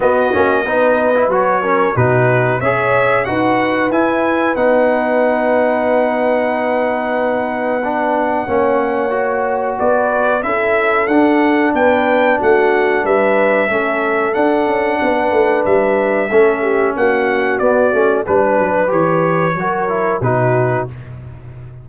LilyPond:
<<
  \new Staff \with { instrumentName = "trumpet" } { \time 4/4 \tempo 4 = 92 dis''2 cis''4 b'4 | e''4 fis''4 gis''4 fis''4~ | fis''1~ | fis''2. d''4 |
e''4 fis''4 g''4 fis''4 | e''2 fis''2 | e''2 fis''4 d''4 | b'4 cis''2 b'4 | }
  \new Staff \with { instrumentName = "horn" } { \time 4/4 fis'4 b'4. ais'8 fis'4 | cis''4 b'2.~ | b'1~ | b'4 cis''2 b'4 |
a'2 b'4 fis'4 | b'4 a'2 b'4~ | b'4 a'8 g'8 fis'2 | b'2 ais'4 fis'4 | }
  \new Staff \with { instrumentName = "trombone" } { \time 4/4 b8 cis'8 dis'8. e'16 fis'8 cis'8 dis'4 | gis'4 fis'4 e'4 dis'4~ | dis'1 | d'4 cis'4 fis'2 |
e'4 d'2.~ | d'4 cis'4 d'2~ | d'4 cis'2 b8 cis'8 | d'4 g'4 fis'8 e'8 dis'4 | }
  \new Staff \with { instrumentName = "tuba" } { \time 4/4 b8 ais8 b4 fis4 b,4 | cis'4 dis'4 e'4 b4~ | b1~ | b4 ais2 b4 |
cis'4 d'4 b4 a4 | g4 a4 d'8 cis'8 b8 a8 | g4 a4 ais4 b8 a8 | g8 fis8 e4 fis4 b,4 | }
>>